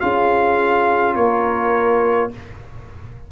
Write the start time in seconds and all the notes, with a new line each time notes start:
0.00 C#4 F4 G#4 F5
1.16 A#3 A#4 C#5